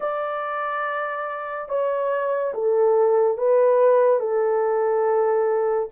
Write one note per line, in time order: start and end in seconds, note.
0.00 1.68 D5
1.69 2.53 C#5
2.54 3.37 A4
3.37 4.19 B4
4.19 5.88 A4